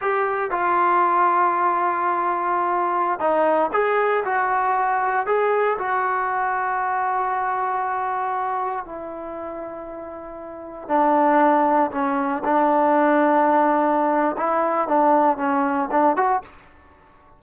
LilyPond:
\new Staff \with { instrumentName = "trombone" } { \time 4/4 \tempo 4 = 117 g'4 f'2.~ | f'2~ f'16 dis'4 gis'8.~ | gis'16 fis'2 gis'4 fis'8.~ | fis'1~ |
fis'4~ fis'16 e'2~ e'8.~ | e'4~ e'16 d'2 cis'8.~ | cis'16 d'2.~ d'8. | e'4 d'4 cis'4 d'8 fis'8 | }